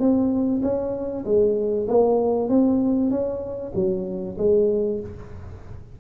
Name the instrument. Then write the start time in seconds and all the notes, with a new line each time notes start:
tuba
0.00 C4
0.63 C#4
1.25 G#3
1.88 A#3
2.49 C4
3.11 C#4
3.75 F#3
4.38 G#3